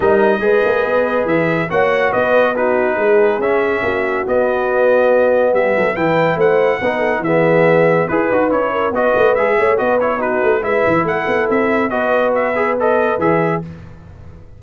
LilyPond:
<<
  \new Staff \with { instrumentName = "trumpet" } { \time 4/4 \tempo 4 = 141 dis''2. e''4 | fis''4 dis''4 b'2 | e''2 dis''2~ | dis''4 e''4 g''4 fis''4~ |
fis''4 e''2 b'4 | cis''4 dis''4 e''4 dis''8 cis''8 | b'4 e''4 fis''4 e''4 | dis''4 e''4 dis''4 e''4 | }
  \new Staff \with { instrumentName = "horn" } { \time 4/4 ais'4 b'2. | cis''4 b'4 fis'4 gis'4~ | gis'4 fis'2.~ | fis'4 g'8 a'8 b'4 c''4 |
b'8 a'8 gis'2 b'4~ | b'8 ais'8 b'4. cis''8 b'4 | fis'4 b'4 a'2 | b'1 | }
  \new Staff \with { instrumentName = "trombone" } { \time 4/4 dis'4 gis'2. | fis'2 dis'2 | cis'2 b2~ | b2 e'2 |
dis'4 b2 gis'8 fis'8 | e'4 fis'4 gis'4 fis'8 e'8 | dis'4 e'2. | fis'4. gis'8 a'4 gis'4 | }
  \new Staff \with { instrumentName = "tuba" } { \time 4/4 g4 gis8 ais8 b4 e4 | ais4 b2 gis4 | cis'4 ais4 b2~ | b4 g8 fis8 e4 a4 |
b4 e2 e'8 dis'8 | cis'4 b8 a8 gis8 a8 b4~ | b8 a8 gis8 e8 a8 b8 c'4 | b2. e4 | }
>>